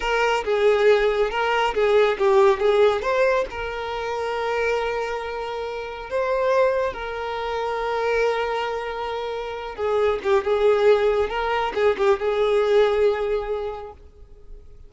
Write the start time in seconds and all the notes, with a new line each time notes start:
0.00 A#4
0.44 G#4
1.30 A#4
1.74 G#4
2.18 G4
2.59 G#4
3.01 C5
3.50 A#4
6.10 C5
6.93 A#4
9.75 G#4
10.23 G4
10.44 G#4
11.29 A#4
11.74 G#4
11.97 G4
12.19 G#4